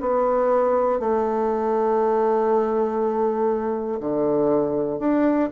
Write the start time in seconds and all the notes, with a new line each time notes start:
0.00 B3
1.00 A3
4.00 D3
4.99 D4